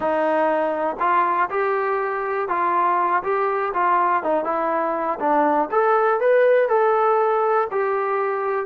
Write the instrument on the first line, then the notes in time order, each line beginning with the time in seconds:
trombone
0.00 D#4
0.99 F4
1.50 G4
2.48 F4
3.23 G4
3.73 F4
4.23 D#4
4.44 E4
5.19 D4
5.71 A4
6.20 B4
6.68 A4
7.71 G4